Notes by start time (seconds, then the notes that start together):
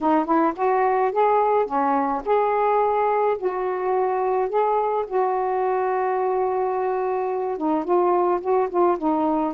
0.00 D#4
0.25 E4
0.56 F#4
1.11 G#4
1.66 C#4
2.25 G#4
3.38 F#4
4.49 G#4
5.07 F#4
7.57 D#4
7.84 F4
8.40 F#4
8.69 F4
8.98 D#4